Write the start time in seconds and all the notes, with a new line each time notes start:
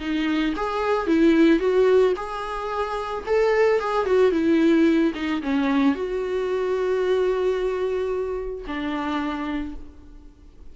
0.00 D#4
0.56 G#4
1.07 E4
1.60 F#4
2.16 G#4
3.27 A4
3.80 G#4
4.06 F#4
4.32 E4
5.15 D#4
5.42 C#4
5.95 F#4
8.67 D4